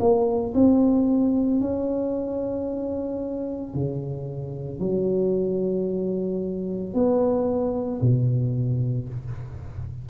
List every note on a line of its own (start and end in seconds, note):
0.00 0.54 A#3
0.54 1.60 C4
1.60 3.74 C#4
3.74 4.79 C#3
4.79 6.94 F#3
6.94 8.01 B3
8.01 9.08 B2